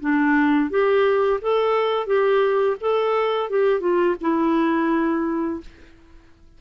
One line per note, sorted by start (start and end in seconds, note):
0.00 0.69 D4
0.69 1.39 G4
1.41 2.06 A4
2.06 2.76 G4
2.80 3.49 A4
3.49 3.80 G4
3.80 4.15 F4
4.21 5.60 E4